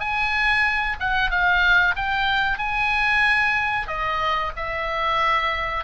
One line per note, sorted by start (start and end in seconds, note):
0.00 0.97 G#5
1.00 1.31 F#5
1.31 1.96 F5
1.96 2.59 G5
2.59 3.88 G#5
3.88 4.52 D#5
4.57 5.84 E5